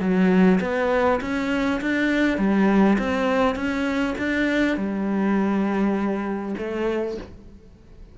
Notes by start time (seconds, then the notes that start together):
0.00 F#3
0.61 B3
1.21 C#4
1.81 D4
2.38 G3
2.99 C4
3.55 C#4
4.18 D4
4.77 G3
6.58 A3